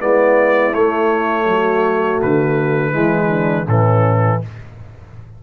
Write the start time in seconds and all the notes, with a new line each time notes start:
0.00 G#3 B3 E4 D5
0.75 A3 C#5
1.45 F#3 F#4
2.22 D3 B4
2.92 E3 G#3 E4
3.30 D4
3.66 A2 E3 C#4 A4